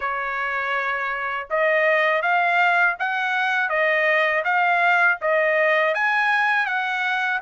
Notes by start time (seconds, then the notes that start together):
0.00 C#5
1.50 D#5
2.22 F5
2.99 F#5
3.69 D#5
4.44 F5
5.21 D#5
5.94 G#5
6.65 F#5